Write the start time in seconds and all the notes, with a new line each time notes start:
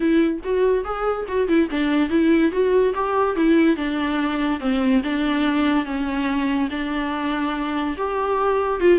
0.00 E4
0.43 F#4
0.84 G#4
1.28 F#4
1.47 E4
1.70 D4
2.09 E4
2.51 F#4
2.94 G4
3.36 E4
3.76 D4
4.59 C4
5.03 D4
5.85 C#4
6.70 D4
7.97 G4
8.80 F4